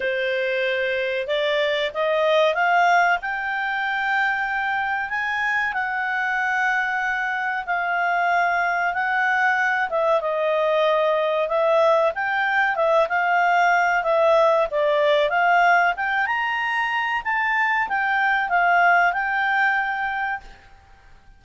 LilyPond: \new Staff \with { instrumentName = "clarinet" } { \time 4/4 \tempo 4 = 94 c''2 d''4 dis''4 | f''4 g''2. | gis''4 fis''2. | f''2 fis''4. e''8 |
dis''2 e''4 g''4 | e''8 f''4. e''4 d''4 | f''4 g''8 ais''4. a''4 | g''4 f''4 g''2 | }